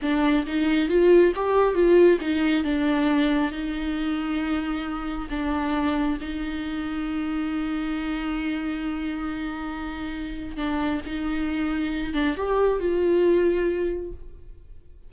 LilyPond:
\new Staff \with { instrumentName = "viola" } { \time 4/4 \tempo 4 = 136 d'4 dis'4 f'4 g'4 | f'4 dis'4 d'2 | dis'1 | d'2 dis'2~ |
dis'1~ | dis'1 | d'4 dis'2~ dis'8 d'8 | g'4 f'2. | }